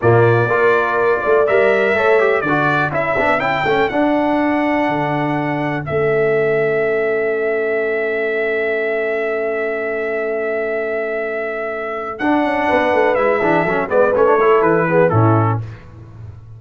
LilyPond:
<<
  \new Staff \with { instrumentName = "trumpet" } { \time 4/4 \tempo 4 = 123 d''2. e''4~ | e''4 d''4 e''4 g''4 | fis''1 | e''1~ |
e''1~ | e''1~ | e''4 fis''2 e''4~ | e''8 d''8 cis''4 b'4 a'4 | }
  \new Staff \with { instrumentName = "horn" } { \time 4/4 f'4 ais'4. d''4. | cis''4 a'2.~ | a'1~ | a'1~ |
a'1~ | a'1~ | a'2 b'4. gis'8 | a'8 b'4 a'4 gis'8 e'4 | }
  \new Staff \with { instrumentName = "trombone" } { \time 4/4 ais4 f'2 ais'4 | a'8 g'8 fis'4 e'8 d'8 e'8 cis'8 | d'1 | cis'1~ |
cis'1~ | cis'1~ | cis'4 d'2 e'8 d'8 | cis'8 b8 cis'16 d'16 e'4 b8 cis'4 | }
  \new Staff \with { instrumentName = "tuba" } { \time 4/4 ais,4 ais4. a8 g4 | a4 d4 cis'8 b8 cis'8 a8 | d'2 d2 | a1~ |
a1~ | a1~ | a4 d'8 cis'8 b8 a8 gis8 e8 | fis8 gis8 a4 e4 a,4 | }
>>